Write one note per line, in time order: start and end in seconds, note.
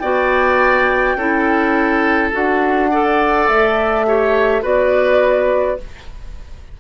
0.00 1.15 B3
0.00 1.18 F#4
0.00 1.17 D5
0.00 2.31 G5
1.15 2.31 C#4
1.15 2.32 E4
1.15 2.91 A4
2.32 3.48 D4
2.32 2.90 F#4
2.32 3.48 F#5
2.91 4.07 A4
2.91 4.06 D5
3.48 4.63 A3
3.48 4.64 E5
4.07 4.62 G4
4.07 4.62 C#5
4.62 5.79 B3
4.62 5.78 F#4
4.62 5.78 B4
4.62 5.81 D5